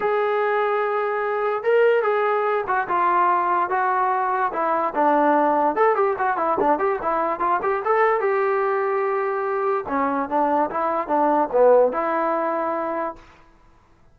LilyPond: \new Staff \with { instrumentName = "trombone" } { \time 4/4 \tempo 4 = 146 gis'1 | ais'4 gis'4. fis'8 f'4~ | f'4 fis'2 e'4 | d'2 a'8 g'8 fis'8 e'8 |
d'8 g'8 e'4 f'8 g'8 a'4 | g'1 | cis'4 d'4 e'4 d'4 | b4 e'2. | }